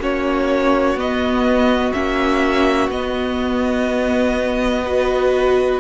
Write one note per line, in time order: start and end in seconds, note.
0.00 0.95 A#3
0.00 0.97 C#4
0.00 4.85 F#4
0.00 0.99 C#5
0.95 1.92 B3
0.95 1.94 B3
0.95 1.93 D#5
1.93 2.89 A#3
1.93 2.91 C#4
1.93 2.90 E5
2.89 5.79 B3
2.89 4.85 B3
2.89 5.80 D#5
4.85 5.80 F#4
4.85 5.80 B4